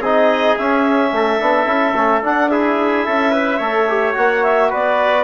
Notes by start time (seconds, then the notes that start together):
0.00 C4 D#4 G#4 D#5
0.57 C#4 E5
1.12 A3 A4
1.40 B3 D4
1.65 C#4 E4
1.95 A3 C#4
2.22 D4 F#5
2.49 E4 G#4 E5
3.06 C#4 A4
3.31 B4
3.58 A3 A4 C#5
3.89 G4
4.14 A#3 F#4 F#5
4.43 E5
4.70 B3 B4 D5